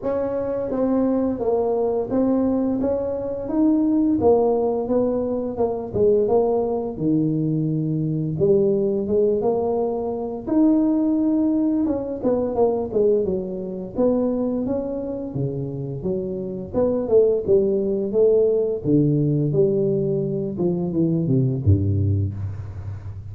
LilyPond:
\new Staff \with { instrumentName = "tuba" } { \time 4/4 \tempo 4 = 86 cis'4 c'4 ais4 c'4 | cis'4 dis'4 ais4 b4 | ais8 gis8 ais4 dis2 | g4 gis8 ais4. dis'4~ |
dis'4 cis'8 b8 ais8 gis8 fis4 | b4 cis'4 cis4 fis4 | b8 a8 g4 a4 d4 | g4. f8 e8 c8 g,4 | }